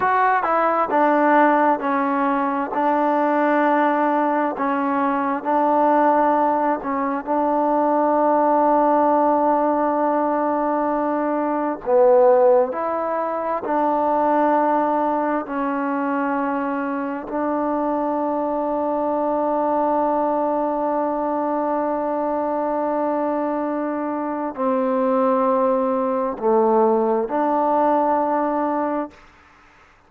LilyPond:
\new Staff \with { instrumentName = "trombone" } { \time 4/4 \tempo 4 = 66 fis'8 e'8 d'4 cis'4 d'4~ | d'4 cis'4 d'4. cis'8 | d'1~ | d'4 b4 e'4 d'4~ |
d'4 cis'2 d'4~ | d'1~ | d'2. c'4~ | c'4 a4 d'2 | }